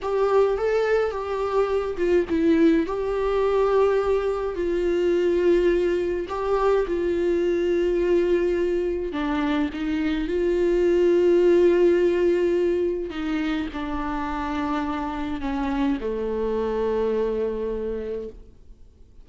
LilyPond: \new Staff \with { instrumentName = "viola" } { \time 4/4 \tempo 4 = 105 g'4 a'4 g'4. f'8 | e'4 g'2. | f'2. g'4 | f'1 |
d'4 dis'4 f'2~ | f'2. dis'4 | d'2. cis'4 | a1 | }